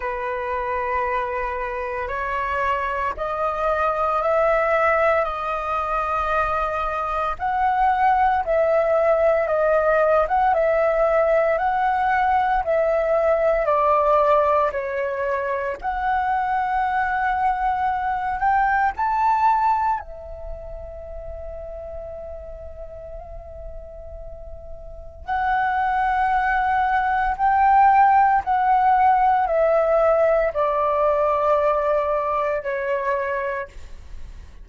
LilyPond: \new Staff \with { instrumentName = "flute" } { \time 4/4 \tempo 4 = 57 b'2 cis''4 dis''4 | e''4 dis''2 fis''4 | e''4 dis''8. fis''16 e''4 fis''4 | e''4 d''4 cis''4 fis''4~ |
fis''4. g''8 a''4 e''4~ | e''1 | fis''2 g''4 fis''4 | e''4 d''2 cis''4 | }